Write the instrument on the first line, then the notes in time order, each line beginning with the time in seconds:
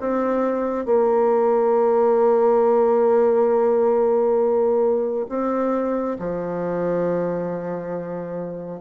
bassoon
0.00 C4
0.85 A#3
5.29 C4
6.19 F3